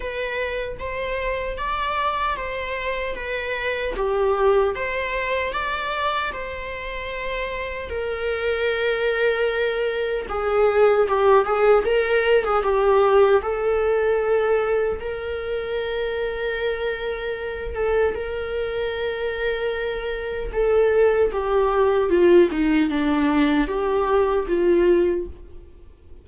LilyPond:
\new Staff \with { instrumentName = "viola" } { \time 4/4 \tempo 4 = 76 b'4 c''4 d''4 c''4 | b'4 g'4 c''4 d''4 | c''2 ais'2~ | ais'4 gis'4 g'8 gis'8 ais'8. gis'16 |
g'4 a'2 ais'4~ | ais'2~ ais'8 a'8 ais'4~ | ais'2 a'4 g'4 | f'8 dis'8 d'4 g'4 f'4 | }